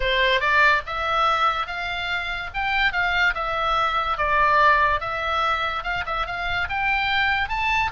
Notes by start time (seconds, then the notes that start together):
0.00 C5
0.40 D5
0.86 E5
1.66 F5
2.53 G5
2.92 F5
3.34 E5
4.17 D5
5.00 E5
5.83 F5
6.06 E5
6.26 F5
6.69 G5
7.48 A5